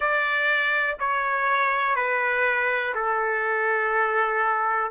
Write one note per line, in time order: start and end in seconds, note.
0.00 0.97 D5
0.99 1.95 C#5
1.95 2.93 B4
2.95 4.91 A4